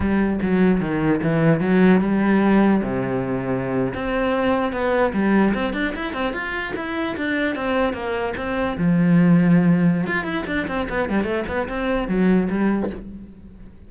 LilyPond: \new Staff \with { instrumentName = "cello" } { \time 4/4 \tempo 4 = 149 g4 fis4 dis4 e4 | fis4 g2 c4~ | c4.~ c16 c'2 b16~ | b8. g4 c'8 d'8 e'8 c'8 f'16~ |
f'8. e'4 d'4 c'4 ais16~ | ais8. c'4 f2~ f16~ | f4 f'8 e'8 d'8 c'8 b8 g8 | a8 b8 c'4 fis4 g4 | }